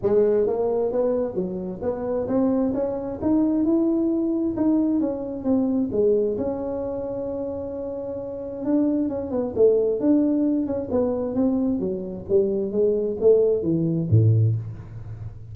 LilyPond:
\new Staff \with { instrumentName = "tuba" } { \time 4/4 \tempo 4 = 132 gis4 ais4 b4 fis4 | b4 c'4 cis'4 dis'4 | e'2 dis'4 cis'4 | c'4 gis4 cis'2~ |
cis'2. d'4 | cis'8 b8 a4 d'4. cis'8 | b4 c'4 fis4 g4 | gis4 a4 e4 a,4 | }